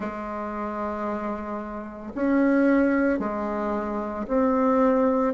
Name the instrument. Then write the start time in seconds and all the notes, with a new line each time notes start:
bassoon
0.00 G#3
2.14 C#4
3.19 G#3
4.27 C4